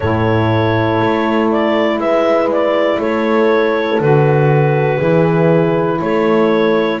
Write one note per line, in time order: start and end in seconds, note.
0.00 1.00 A2
0.00 4.01 E4
0.00 1.99 A4
0.00 1.49 C#5
1.00 1.98 A3
1.51 1.99 D5
1.98 2.98 G#3
1.98 2.99 B4
1.98 2.49 E5
2.51 3.00 D5
2.99 3.99 A3
2.99 4.96 A4
2.99 4.00 C#5
3.99 4.99 D3
3.99 4.99 F#4
3.99 6.00 B4
4.96 6.00 E3
4.96 6.99 E4
4.96 5.96 G#4
6.00 7.00 A3
6.00 7.00 A4
6.00 7.00 C#5